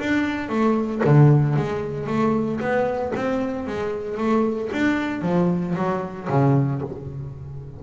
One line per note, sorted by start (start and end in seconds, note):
0.00 0.49 D4
0.49 1.02 A3
1.05 1.56 D3
1.56 2.07 G#3
2.07 2.60 A3
2.60 3.13 B3
3.16 3.67 C4
3.67 4.17 G#3
4.17 4.70 A3
4.73 5.22 D4
5.22 5.75 F3
5.76 6.28 F#3
6.29 6.82 C#3